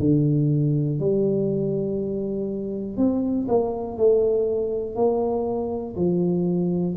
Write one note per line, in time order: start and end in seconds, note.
0.00 1.00 D3
1.00 2.98 G3
2.98 3.48 C4
3.49 3.98 A#3
3.98 4.96 A3
4.96 5.96 A#3
5.96 6.96 F3